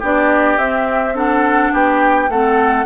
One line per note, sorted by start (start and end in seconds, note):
0.00 0.58 B3
0.00 0.59 D4
0.00 1.14 G4
0.00 0.59 D5
0.58 1.72 C4
0.58 1.15 C4
0.58 1.16 E5
1.15 2.29 D4
1.15 1.73 A4
1.15 1.75 F#5
1.73 2.29 B3
1.73 2.30 G4
1.73 2.31 G5
2.29 2.86 A3
2.29 2.86 C4
2.29 2.86 A4
2.29 2.86 F#5